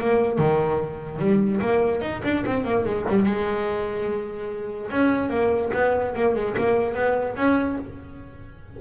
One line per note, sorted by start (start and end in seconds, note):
0.00 0.38 A#3
0.38 1.19 D#3
1.19 1.60 G3
1.61 2.01 A#3
2.01 2.22 D#4
2.24 2.45 D4
2.46 2.65 C4
2.65 2.85 A#3
2.85 3.06 G#3
3.09 3.26 G3
3.26 4.91 G#3
4.91 5.30 C#4
5.30 5.71 A#3
5.73 6.15 B3
6.15 6.35 A#3
6.35 6.56 G#3
6.58 6.95 A#3
6.95 7.36 B3
7.37 7.78 C#4